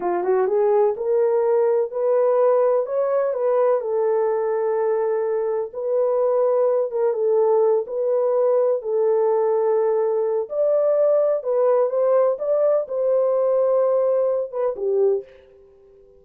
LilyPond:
\new Staff \with { instrumentName = "horn" } { \time 4/4 \tempo 4 = 126 f'8 fis'8 gis'4 ais'2 | b'2 cis''4 b'4 | a'1 | b'2~ b'8 ais'8 a'4~ |
a'8 b'2 a'4.~ | a'2 d''2 | b'4 c''4 d''4 c''4~ | c''2~ c''8 b'8 g'4 | }